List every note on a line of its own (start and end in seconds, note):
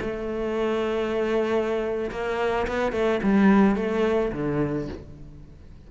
0.00 2.10 A3
2.11 2.67 A#3
2.67 2.92 B3
2.92 3.20 A3
3.23 3.75 G3
3.75 4.32 A3
4.32 4.88 D3